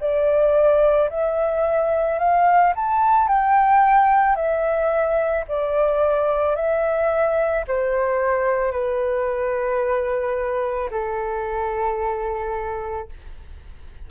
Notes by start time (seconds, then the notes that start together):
0.00 D5
1.09 E5
2.18 F5
2.75 A5
3.28 G5
4.35 E5
5.48 D5
6.55 E5
7.68 C5
8.71 B4
10.90 A4